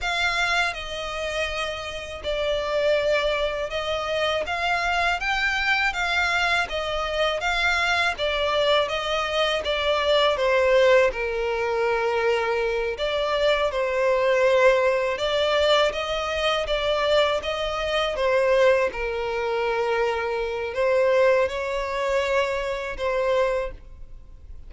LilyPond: \new Staff \with { instrumentName = "violin" } { \time 4/4 \tempo 4 = 81 f''4 dis''2 d''4~ | d''4 dis''4 f''4 g''4 | f''4 dis''4 f''4 d''4 | dis''4 d''4 c''4 ais'4~ |
ais'4. d''4 c''4.~ | c''8 d''4 dis''4 d''4 dis''8~ | dis''8 c''4 ais'2~ ais'8 | c''4 cis''2 c''4 | }